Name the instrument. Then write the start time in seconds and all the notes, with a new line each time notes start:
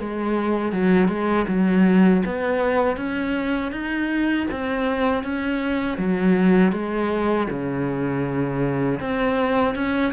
cello
0.00 G#3
0.73 F#3
1.09 G#3
1.48 F#3
2.26 B3
2.97 C#4
3.72 D#4
4.51 C4
5.24 C#4
5.98 F#3
6.73 G#3
7.50 C#3
9.01 C4
9.75 C#4